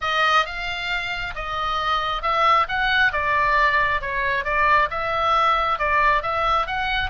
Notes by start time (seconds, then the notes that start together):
0.01 D#5
0.45 F5
1.35 D#5
2.22 E5
2.68 F#5
3.12 D5
4.01 C#5
4.44 D5
4.90 E5
5.79 D5
6.22 E5
6.66 F#5